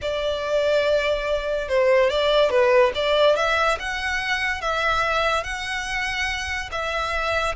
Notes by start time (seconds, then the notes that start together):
0.01 D5
1.68 C5
2.09 D5
2.50 B4
2.95 D5
3.36 E5
3.79 F#5
4.61 E5
5.43 F#5
6.71 E5